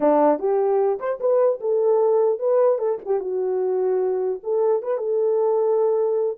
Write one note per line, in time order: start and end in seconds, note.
0.00 0.39 D4
0.39 0.99 G4
0.99 1.19 C5
1.20 1.60 B4
1.60 2.39 A4
2.39 2.78 B4
2.78 2.98 A4
3.05 3.20 G4
3.20 4.40 F#4
4.43 4.82 A4
4.82 4.97 B4
4.97 6.37 A4